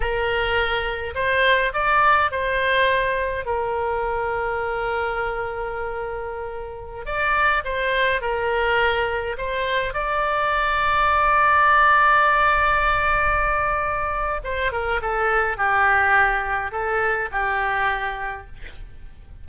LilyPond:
\new Staff \with { instrumentName = "oboe" } { \time 4/4 \tempo 4 = 104 ais'2 c''4 d''4 | c''2 ais'2~ | ais'1~ | ais'16 d''4 c''4 ais'4.~ ais'16~ |
ais'16 c''4 d''2~ d''8.~ | d''1~ | d''4 c''8 ais'8 a'4 g'4~ | g'4 a'4 g'2 | }